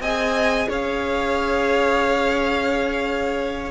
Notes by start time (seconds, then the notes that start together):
0.00 C4 G#4 D#5 G#5
0.69 C#4 C#5 F5